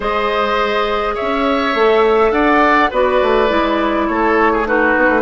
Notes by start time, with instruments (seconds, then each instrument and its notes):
0.00 bassoon G#3, clarinet G#4, oboe C5, flute D#5
1.14 oboe C#5, flute E5
1.21 bassoon C#4
1.74 bassoon A3, clarinet A4
2.31 bassoon D4, oboe D5, flute F#5
2.90 bassoon B3, clarinet F#4, oboe B4, flute D5
3.21 bassoon A3
3.47 bassoon G#3, clarinet E4
4.07 bassoon A3, oboe A4, flute C#5
4.52 oboe G#4
4.66 clarinet D#4, oboe F#4, flute B4
4.97 bassoon B3
5.08 bassoon A3